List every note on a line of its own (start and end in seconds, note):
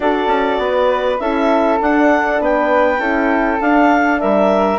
0.00 0.26 D4
0.00 1.19 F#4
0.00 0.61 A4
0.00 1.19 D5
0.26 0.56 C#4
0.58 1.18 B3
0.58 1.21 B4
1.19 1.80 C#4
1.19 1.80 E4
1.19 2.41 A4
1.19 1.79 E5
1.80 2.40 D4
1.80 2.99 D4
1.80 2.42 F#5
2.40 2.98 B3
2.40 3.00 B4
2.40 3.61 G5
2.98 3.58 C#4
2.98 3.59 E4
2.98 4.20 A4
3.61 4.79 D4
3.61 4.21 D4
3.61 4.20 F5
4.20 4.79 G3
4.20 4.79 A#4
4.20 4.79 E5